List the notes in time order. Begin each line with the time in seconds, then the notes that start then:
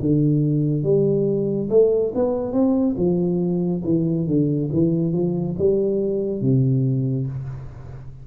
0.00 D3
0.83 G3
1.70 A3
2.15 B3
2.52 C4
2.97 F3
3.84 E3
4.27 D3
4.73 E3
5.13 F3
5.59 G3
6.41 C3